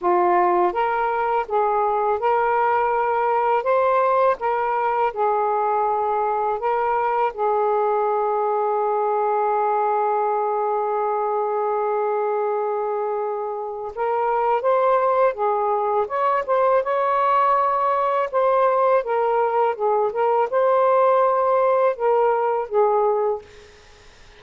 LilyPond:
\new Staff \with { instrumentName = "saxophone" } { \time 4/4 \tempo 4 = 82 f'4 ais'4 gis'4 ais'4~ | ais'4 c''4 ais'4 gis'4~ | gis'4 ais'4 gis'2~ | gis'1~ |
gis'2. ais'4 | c''4 gis'4 cis''8 c''8 cis''4~ | cis''4 c''4 ais'4 gis'8 ais'8 | c''2 ais'4 gis'4 | }